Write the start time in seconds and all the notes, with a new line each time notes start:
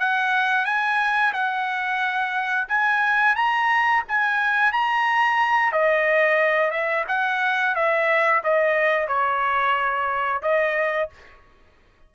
0.00 F#5
0.66 G#5
1.33 F#5
2.69 G#5
3.36 A#5
4.08 G#5
4.73 A#5
5.72 D#5
6.71 E5
7.08 F#5
7.75 E5
8.44 D#5
9.08 C#5
10.42 D#5